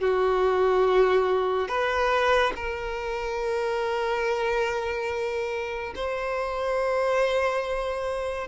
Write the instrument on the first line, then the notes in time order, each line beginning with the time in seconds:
violin
0.00 F#4
1.68 B4
2.55 A#4
5.95 C5